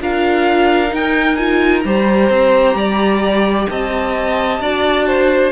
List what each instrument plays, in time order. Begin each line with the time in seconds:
0.00 cello D4, viola F4, violin A#4 F5
0.88 viola D#4, cello D#4
0.95 violin G5
1.36 viola F4, violin G#5
1.80 cello G3, viola G4, violin C5 A#5
2.29 cello C4
2.74 cello G3, violin D5
3.69 cello C4, violin D#5 A5
4.59 cello D4, viola F#4, violin D5
5.07 violin C5